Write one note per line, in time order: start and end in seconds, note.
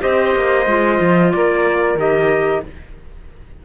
0.00 0.35 C4
0.00 0.65 G4
0.00 1.32 C5
0.00 1.32 D#5
0.35 0.66 A#3
0.66 0.99 G#3
0.66 1.98 F4
1.00 1.32 F3
1.32 1.94 A#3
1.32 2.65 A#4
1.32 1.97 D5
1.94 2.59 D#3
1.94 2.63 G4
1.94 2.65 D#5